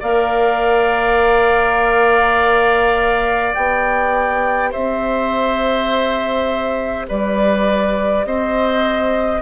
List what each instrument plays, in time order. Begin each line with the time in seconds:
0.00 bassoon A#3, clarinet A#4, oboe D5, flute F5
3.53 bassoon B3, clarinet G4, flute G5
4.71 bassoon C4, oboe C5, flute E5
7.08 bassoon G3, oboe B4, flute D5
8.25 bassoon C4, oboe C5, flute D#5